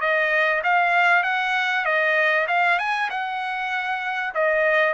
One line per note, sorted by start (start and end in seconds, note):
0.00 0.62 D#5
0.64 1.23 F5
1.23 1.85 F#5
1.85 2.47 D#5
2.48 2.79 F5
2.79 3.10 G#5
3.10 4.34 F#5
4.34 4.93 D#5